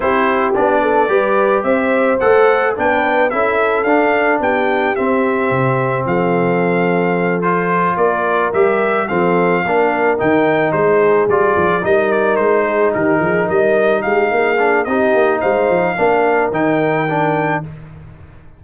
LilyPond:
<<
  \new Staff \with { instrumentName = "trumpet" } { \time 4/4 \tempo 4 = 109 c''4 d''2 e''4 | fis''4 g''4 e''4 f''4 | g''4 e''2 f''4~ | f''4. c''4 d''4 e''8~ |
e''8 f''2 g''4 c''8~ | c''8 d''4 dis''8 d''8 c''4 ais'8~ | ais'8 dis''4 f''4. dis''4 | f''2 g''2 | }
  \new Staff \with { instrumentName = "horn" } { \time 4/4 g'4. a'8 b'4 c''4~ | c''4 b'4 a'2 | g'2. a'4~ | a'2~ a'8 ais'4.~ |
ais'8 a'4 ais'2 gis'8~ | gis'4. ais'4. gis'8 g'8 | gis'8 ais'4 g'8 gis'4 g'4 | c''4 ais'2. | }
  \new Staff \with { instrumentName = "trombone" } { \time 4/4 e'4 d'4 g'2 | a'4 d'4 e'4 d'4~ | d'4 c'2.~ | c'4. f'2 g'8~ |
g'8 c'4 d'4 dis'4.~ | dis'8 f'4 dis'2~ dis'8~ | dis'2~ dis'8 d'8 dis'4~ | dis'4 d'4 dis'4 d'4 | }
  \new Staff \with { instrumentName = "tuba" } { \time 4/4 c'4 b4 g4 c'4 | a4 b4 cis'4 d'4 | b4 c'4 c4 f4~ | f2~ f8 ais4 g8~ |
g8 f4 ais4 dis4 gis8~ | gis8 g8 f8 g4 gis4 dis8 | f8 g4 gis8 ais4 c'8 ais8 | gis8 f8 ais4 dis2 | }
>>